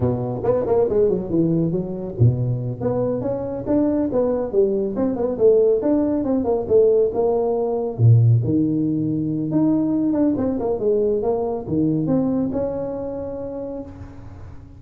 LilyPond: \new Staff \with { instrumentName = "tuba" } { \time 4/4 \tempo 4 = 139 b,4 b8 ais8 gis8 fis8 e4 | fis4 b,4. b4 cis'8~ | cis'8 d'4 b4 g4 c'8 | b8 a4 d'4 c'8 ais8 a8~ |
a8 ais2 ais,4 dis8~ | dis2 dis'4. d'8 | c'8 ais8 gis4 ais4 dis4 | c'4 cis'2. | }